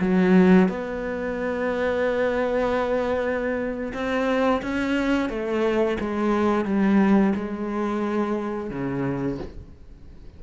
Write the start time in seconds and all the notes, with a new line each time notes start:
0.00 F#3
0.68 B3
3.93 C4
4.62 C#4
5.29 A3
6.00 G#3
6.65 G3
7.35 G#3
8.70 C#3